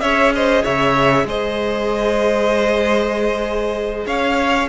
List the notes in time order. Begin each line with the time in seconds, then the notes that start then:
0.00 C#4 G#4 C#5 E5
0.35 C5 D#5
0.62 C#3 C#5 E5
1.24 G#3 C5 D#5
4.06 C#4 C#5 F5